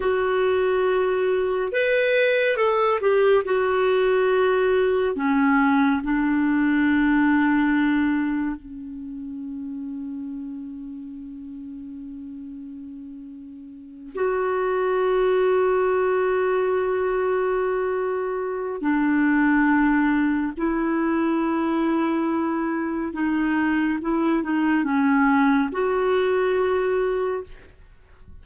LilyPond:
\new Staff \with { instrumentName = "clarinet" } { \time 4/4 \tempo 4 = 70 fis'2 b'4 a'8 g'8 | fis'2 cis'4 d'4~ | d'2 cis'2~ | cis'1~ |
cis'8 fis'2.~ fis'8~ | fis'2 d'2 | e'2. dis'4 | e'8 dis'8 cis'4 fis'2 | }